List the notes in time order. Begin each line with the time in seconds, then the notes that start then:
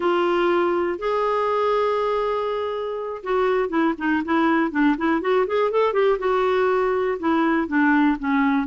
0.00 F4
0.98 G#4
3.23 F#4
3.69 E4
3.98 D#4
4.25 E4
4.71 D4
4.97 E4
5.21 F#4
5.47 G#4
5.71 A4
5.93 G4
6.18 F#4
7.19 E4
7.67 D4
8.18 C#4